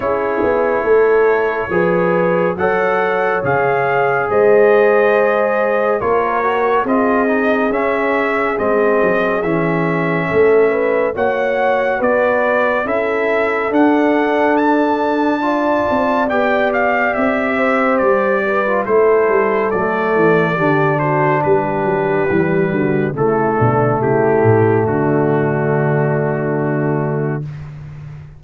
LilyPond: <<
  \new Staff \with { instrumentName = "trumpet" } { \time 4/4 \tempo 4 = 70 cis''2. fis''4 | f''4 dis''2 cis''4 | dis''4 e''4 dis''4 e''4~ | e''4 fis''4 d''4 e''4 |
fis''4 a''2 g''8 f''8 | e''4 d''4 c''4 d''4~ | d''8 c''8 b'2 a'4 | g'4 fis'2. | }
  \new Staff \with { instrumentName = "horn" } { \time 4/4 gis'4 a'4 b'4 cis''4~ | cis''4 c''2 ais'4 | gis'1 | a'8 b'8 cis''4 b'4 a'4~ |
a'2 d''2~ | d''8 c''4 b'8 a'2 | g'8 fis'8 g'4. fis'8 e'8 d'8 | e'4 d'2. | }
  \new Staff \with { instrumentName = "trombone" } { \time 4/4 e'2 gis'4 a'4 | gis'2. f'8 fis'8 | f'8 dis'8 cis'4 c'4 cis'4~ | cis'4 fis'2 e'4 |
d'2 f'4 g'4~ | g'4.~ g'16 f'16 e'4 a4 | d'2 g4 a4~ | a1 | }
  \new Staff \with { instrumentName = "tuba" } { \time 4/4 cis'8 b8 a4 f4 fis4 | cis4 gis2 ais4 | c'4 cis'4 gis8 fis8 e4 | a4 ais4 b4 cis'4 |
d'2~ d'8 c'8 b4 | c'4 g4 a8 g8 fis8 e8 | d4 g8 fis8 e8 d8 cis8 b,8 | cis8 a,8 d2. | }
>>